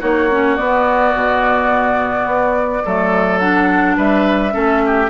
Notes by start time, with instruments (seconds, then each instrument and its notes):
0.00 bassoon A#3, clarinet D#4, oboe F#4, flute C#5
0.29 clarinet C#4
0.56 clarinet B3, bassoon B3, flute D5
1.14 bassoon B2
2.26 bassoon B3
2.84 bassoon F#3, clarinet A3, oboe A4
3.39 clarinet D4, flute F#5
3.96 bassoon G3, oboe B4, flute E5
4.51 bassoon A3, clarinet C#4, oboe A4
4.86 oboe G4